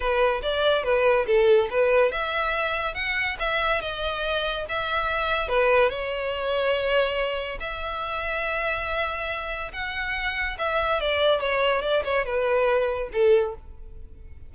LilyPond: \new Staff \with { instrumentName = "violin" } { \time 4/4 \tempo 4 = 142 b'4 d''4 b'4 a'4 | b'4 e''2 fis''4 | e''4 dis''2 e''4~ | e''4 b'4 cis''2~ |
cis''2 e''2~ | e''2. fis''4~ | fis''4 e''4 d''4 cis''4 | d''8 cis''8 b'2 a'4 | }